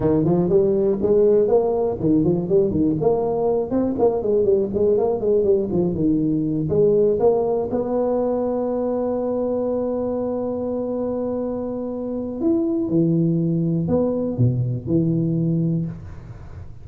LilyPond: \new Staff \with { instrumentName = "tuba" } { \time 4/4 \tempo 4 = 121 dis8 f8 g4 gis4 ais4 | dis8 f8 g8 dis8 ais4. c'8 | ais8 gis8 g8 gis8 ais8 gis8 g8 f8 | dis4. gis4 ais4 b8~ |
b1~ | b1~ | b4 e'4 e2 | b4 b,4 e2 | }